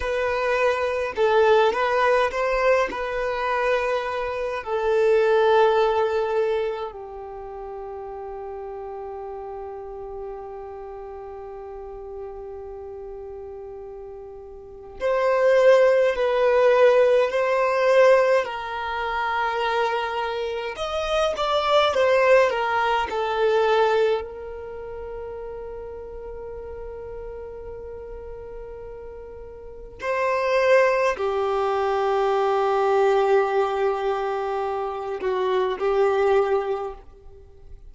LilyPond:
\new Staff \with { instrumentName = "violin" } { \time 4/4 \tempo 4 = 52 b'4 a'8 b'8 c''8 b'4. | a'2 g'2~ | g'1~ | g'4 c''4 b'4 c''4 |
ais'2 dis''8 d''8 c''8 ais'8 | a'4 ais'2.~ | ais'2 c''4 g'4~ | g'2~ g'8 fis'8 g'4 | }